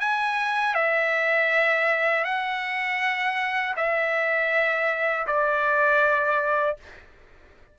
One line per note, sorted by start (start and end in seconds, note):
0.00 0.74 G#5
0.74 2.24 E5
2.24 3.74 F#5
3.76 5.26 E5
5.27 6.77 D5